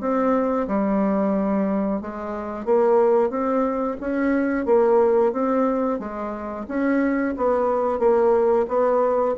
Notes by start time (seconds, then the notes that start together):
0.00 C4
0.68 G3
2.01 G#3
2.65 A#3
3.30 C4
4.00 C#4
4.65 A#3
5.32 C4
5.99 G#3
6.68 C#4
7.37 B3
7.99 A#3
8.68 B3